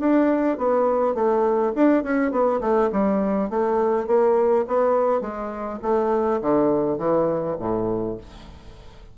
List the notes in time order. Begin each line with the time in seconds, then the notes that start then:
0.00 D4
0.58 B3
1.15 A3
1.76 D4
2.03 C#4
2.31 B3
2.61 A3
2.92 G3
3.50 A3
4.07 A#3
4.67 B3
5.21 G#3
5.82 A3
6.41 D3
6.98 E3
7.59 A2